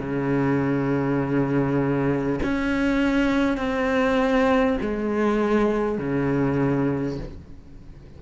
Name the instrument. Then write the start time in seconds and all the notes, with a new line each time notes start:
cello
0.00 C#3
2.43 C#4
3.57 C4
4.81 G#3
5.98 C#3